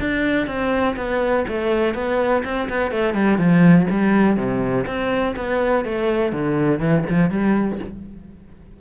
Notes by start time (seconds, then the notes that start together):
0.00 D4
0.47 C4
0.96 B3
1.48 A3
1.94 B3
2.44 C4
2.69 B3
2.91 A3
3.14 G3
3.38 F3
3.90 G3
4.37 C3
4.86 C4
5.36 B3
5.85 A3
6.32 D3
6.79 E3
7.09 F3
7.30 G3